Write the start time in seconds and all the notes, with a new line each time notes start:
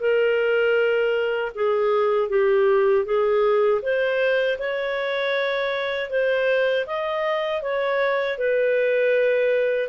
0.00 A#4
1.55 G#4
2.29 G4
3.06 G#4
3.82 C5
4.59 C#5
6.10 C5
6.87 D#5
7.62 C#5
8.38 B4